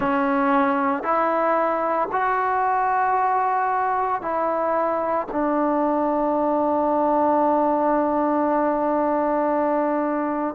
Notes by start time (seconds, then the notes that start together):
0.00 C#4
1.03 E4
2.11 F#4
4.21 E4
5.31 D4